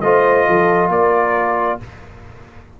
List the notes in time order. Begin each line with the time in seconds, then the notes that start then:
0.00 A3 F4 C5 D#5
0.47 F3 A4
0.88 A#3 A#4 D5